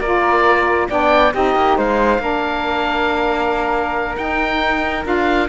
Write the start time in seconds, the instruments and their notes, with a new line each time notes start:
0.00 cello A#3, saxophone F4, flute A#4, oboe D5
0.89 cello B3, saxophone D4, flute D5, oboe G5
1.34 cello C4, saxophone D#4, flute G4, oboe D#5
1.55 cello A#3
1.77 cello G#3, flute C5, oboe F5
2.19 cello A#3, saxophone D4, flute A#4
4.16 cello D#4, saxophone D#4, oboe G5
5.04 cello D4, saxophone F4, oboe F5